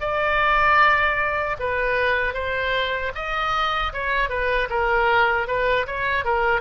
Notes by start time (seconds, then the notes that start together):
0.00 D5
1.59 B4
2.33 C5
3.15 D#5
3.92 C#5
4.29 B4
4.69 A#4
5.47 B4
5.86 C#5
6.24 A#4